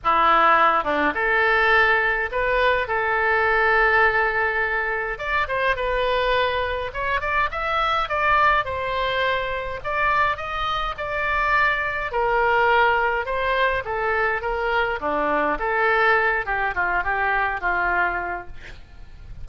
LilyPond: \new Staff \with { instrumentName = "oboe" } { \time 4/4 \tempo 4 = 104 e'4. d'8 a'2 | b'4 a'2.~ | a'4 d''8 c''8 b'2 | cis''8 d''8 e''4 d''4 c''4~ |
c''4 d''4 dis''4 d''4~ | d''4 ais'2 c''4 | a'4 ais'4 d'4 a'4~ | a'8 g'8 f'8 g'4 f'4. | }